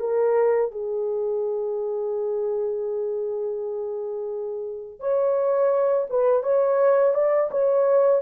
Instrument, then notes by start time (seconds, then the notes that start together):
horn
0.00 A#4
0.71 G#4
5.00 C#5
6.10 B4
6.43 C#5
7.14 D5
7.51 C#5